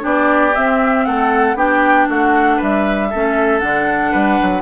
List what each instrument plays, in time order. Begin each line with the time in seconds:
0.00 bassoon B3, clarinet D4, oboe G4, flute D5
0.55 clarinet C4, bassoon C4, flute E5
1.05 bassoon A3, oboe A4, flute F#5
1.55 bassoon B3, clarinet D4, oboe G4, flute G5
2.09 bassoon A3, oboe F#4, flute F#5
2.57 bassoon G3, oboe B4, flute E5
3.10 bassoon A3, clarinet C#4, oboe A4
3.59 bassoon D3, clarinet D4, flute F#5
4.11 bassoon G3, oboe B4
4.42 bassoon F#3